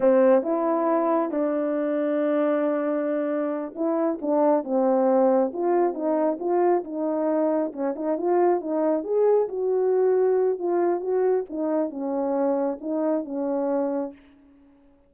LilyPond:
\new Staff \with { instrumentName = "horn" } { \time 4/4 \tempo 4 = 136 c'4 e'2 d'4~ | d'1~ | d'8 e'4 d'4 c'4.~ | c'8 f'4 dis'4 f'4 dis'8~ |
dis'4. cis'8 dis'8 f'4 dis'8~ | dis'8 gis'4 fis'2~ fis'8 | f'4 fis'4 dis'4 cis'4~ | cis'4 dis'4 cis'2 | }